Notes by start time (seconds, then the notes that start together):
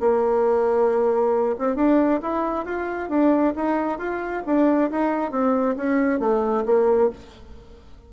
0.00 A#3
1.58 C4
1.75 D4
2.22 E4
2.65 F4
3.09 D4
3.56 D#4
3.98 F4
4.46 D4
4.91 D#4
5.31 C4
5.76 C#4
6.20 A3
6.66 A#3